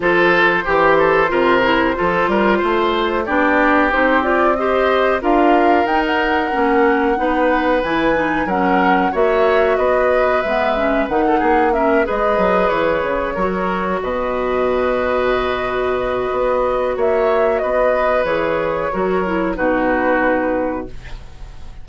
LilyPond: <<
  \new Staff \with { instrumentName = "flute" } { \time 4/4 \tempo 4 = 92 c''1~ | c''4 d''4 c''8 d''8 dis''4 | f''4 g''16 fis''2~ fis''8. | gis''4 fis''4 e''4 dis''4 |
e''4 fis''4 e''8 dis''4 cis''8~ | cis''4. dis''2~ dis''8~ | dis''2 e''4 dis''4 | cis''2 b'2 | }
  \new Staff \with { instrumentName = "oboe" } { \time 4/4 a'4 g'8 a'8 ais'4 a'8 ais'8 | c''4 g'2 c''4 | ais'2. b'4~ | b'4 ais'4 cis''4 b'4~ |
b'4~ b'16 a'16 gis'8 ais'8 b'4.~ | b'8 ais'4 b'2~ b'8~ | b'2 cis''4 b'4~ | b'4 ais'4 fis'2 | }
  \new Staff \with { instrumentName = "clarinet" } { \time 4/4 f'4 g'4 f'8 e'8 f'4~ | f'4 d'4 dis'8 f'8 g'4 | f'4 dis'4 cis'4 dis'4 | e'8 dis'8 cis'4 fis'2 |
b8 cis'8 dis'4 cis'8 gis'4.~ | gis'8 fis'2.~ fis'8~ | fis'1 | gis'4 fis'8 e'8 dis'2 | }
  \new Staff \with { instrumentName = "bassoon" } { \time 4/4 f4 e4 c4 f8 g8 | a4 b4 c'2 | d'4 dis'4 ais4 b4 | e4 fis4 ais4 b4 |
gis4 dis8 ais4 gis8 fis8 e8 | cis8 fis4 b,2~ b,8~ | b,4 b4 ais4 b4 | e4 fis4 b,2 | }
>>